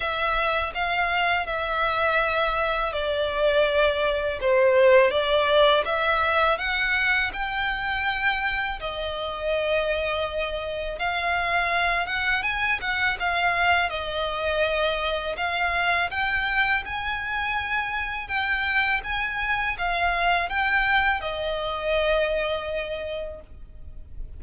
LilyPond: \new Staff \with { instrumentName = "violin" } { \time 4/4 \tempo 4 = 82 e''4 f''4 e''2 | d''2 c''4 d''4 | e''4 fis''4 g''2 | dis''2. f''4~ |
f''8 fis''8 gis''8 fis''8 f''4 dis''4~ | dis''4 f''4 g''4 gis''4~ | gis''4 g''4 gis''4 f''4 | g''4 dis''2. | }